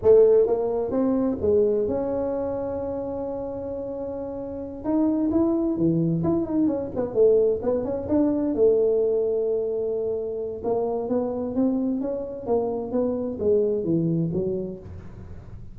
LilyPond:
\new Staff \with { instrumentName = "tuba" } { \time 4/4 \tempo 4 = 130 a4 ais4 c'4 gis4 | cis'1~ | cis'2~ cis'8 dis'4 e'8~ | e'8 e4 e'8 dis'8 cis'8 b8 a8~ |
a8 b8 cis'8 d'4 a4.~ | a2. ais4 | b4 c'4 cis'4 ais4 | b4 gis4 e4 fis4 | }